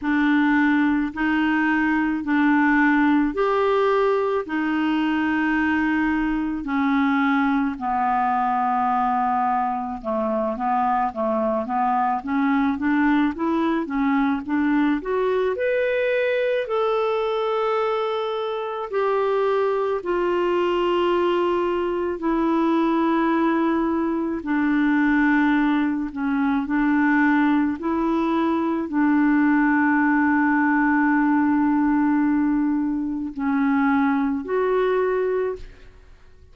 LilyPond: \new Staff \with { instrumentName = "clarinet" } { \time 4/4 \tempo 4 = 54 d'4 dis'4 d'4 g'4 | dis'2 cis'4 b4~ | b4 a8 b8 a8 b8 cis'8 d'8 | e'8 cis'8 d'8 fis'8 b'4 a'4~ |
a'4 g'4 f'2 | e'2 d'4. cis'8 | d'4 e'4 d'2~ | d'2 cis'4 fis'4 | }